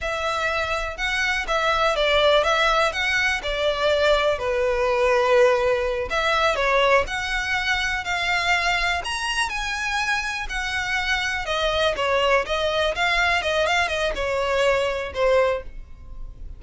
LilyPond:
\new Staff \with { instrumentName = "violin" } { \time 4/4 \tempo 4 = 123 e''2 fis''4 e''4 | d''4 e''4 fis''4 d''4~ | d''4 b'2.~ | b'8 e''4 cis''4 fis''4.~ |
fis''8 f''2 ais''4 gis''8~ | gis''4. fis''2 dis''8~ | dis''8 cis''4 dis''4 f''4 dis''8 | f''8 dis''8 cis''2 c''4 | }